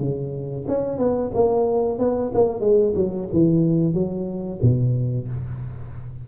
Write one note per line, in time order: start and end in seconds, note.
0.00 0.66 C#3
0.68 0.99 C#4
0.99 1.32 B3
1.35 1.99 A#3
1.99 2.32 B3
2.35 2.61 A#3
2.61 2.94 G#3
2.96 3.29 F#3
3.33 3.94 E3
3.94 4.60 F#3
4.62 5.28 B2